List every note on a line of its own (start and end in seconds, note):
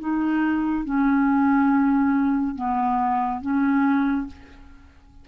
0.00 0.85 D#4
0.85 2.56 C#4
2.56 3.42 B3
3.42 4.27 C#4